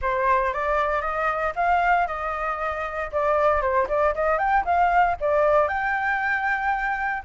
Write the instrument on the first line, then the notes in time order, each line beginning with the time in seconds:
flute
0.01 C5
0.53 D5
1.01 D#5
1.55 F5
2.07 D#5
3.12 D5
3.61 C5
3.88 D5
4.14 D#5
4.38 G5
4.64 F5
5.20 D5
5.68 G5